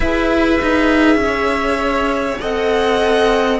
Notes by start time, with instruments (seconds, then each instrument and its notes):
0.00 cello E4, viola G#4, violin B4 E5
0.61 cello D#4
1.15 cello C#4
1.24 violin C#5
2.40 cello C4, viola A4, violin D#5 F#5